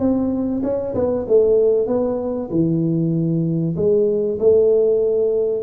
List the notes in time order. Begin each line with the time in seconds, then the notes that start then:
0.00 C4
0.63 C#4
0.95 B3
1.28 A3
1.88 B3
2.51 E3
3.76 G#3
4.40 A3